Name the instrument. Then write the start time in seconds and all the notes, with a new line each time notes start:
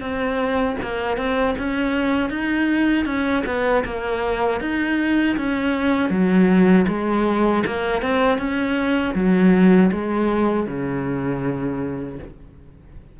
cello
0.00 C4
0.82 A#3
1.17 C4
1.58 C#4
2.29 D#4
3.05 C#4
3.46 B3
3.84 A#3
4.60 D#4
5.36 C#4
6.10 F#3
6.87 G#3
7.66 A#3
8.02 C4
8.38 C#4
9.14 F#3
9.91 G#3
10.66 C#3